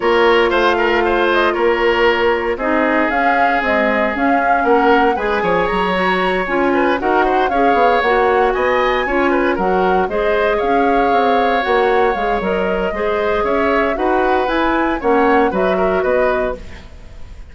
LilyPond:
<<
  \new Staff \with { instrumentName = "flute" } { \time 4/4 \tempo 4 = 116 cis''4 f''4. dis''8 cis''4~ | cis''4 dis''4 f''4 dis''4 | f''4 fis''4 gis''4 ais''4~ | ais''8 gis''4 fis''4 f''4 fis''8~ |
fis''8 gis''2 fis''4 dis''8~ | dis''8 f''2 fis''4 f''8 | dis''2 e''4 fis''4 | gis''4 fis''4 e''4 dis''4 | }
  \new Staff \with { instrumentName = "oboe" } { \time 4/4 ais'4 c''8 ais'8 c''4 ais'4~ | ais'4 gis'2.~ | gis'4 ais'4 b'8 cis''4.~ | cis''4 b'8 ais'8 c''8 cis''4.~ |
cis''8 dis''4 cis''8 b'8 ais'4 c''8~ | c''8 cis''2.~ cis''8~ | cis''4 c''4 cis''4 b'4~ | b'4 cis''4 b'8 ais'8 b'4 | }
  \new Staff \with { instrumentName = "clarinet" } { \time 4/4 f'1~ | f'4 dis'4 cis'4 gis4 | cis'2 gis'4. fis'8~ | fis'8 f'4 fis'4 gis'4 fis'8~ |
fis'4. f'4 fis'4 gis'8~ | gis'2~ gis'8 fis'4 gis'8 | ais'4 gis'2 fis'4 | e'4 cis'4 fis'2 | }
  \new Staff \with { instrumentName = "bassoon" } { \time 4/4 ais4 a2 ais4~ | ais4 c'4 cis'4 c'4 | cis'4 ais4 gis8 f8 fis4~ | fis8 cis'4 dis'4 cis'8 b8 ais8~ |
ais8 b4 cis'4 fis4 gis8~ | gis8 cis'4 c'4 ais4 gis8 | fis4 gis4 cis'4 dis'4 | e'4 ais4 fis4 b4 | }
>>